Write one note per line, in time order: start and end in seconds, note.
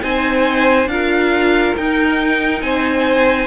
0.00 0.86 C4
0.00 0.87 D#4
0.00 0.90 C5
0.00 0.88 G#5
0.86 1.73 D4
0.86 1.77 F4
0.86 2.63 A#4
0.86 1.75 F5
1.77 3.47 D#4
1.77 2.62 D#4
1.77 2.61 G5
2.61 3.47 C4
2.61 3.47 C5
2.61 3.47 G#5